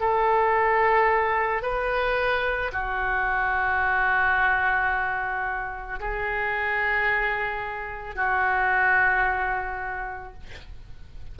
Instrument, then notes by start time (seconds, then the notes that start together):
oboe
0.00 A4
1.62 B4
2.72 F#4
6.00 G#4
8.15 F#4